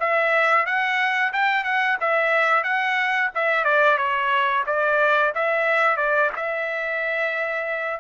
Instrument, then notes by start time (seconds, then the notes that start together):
trumpet
0.00 E5
0.66 F#5
1.33 G5
1.64 F#5
2.00 E5
2.64 F#5
3.35 E5
3.64 D5
3.98 C#5
4.66 D5
5.35 E5
5.97 D5
6.36 E5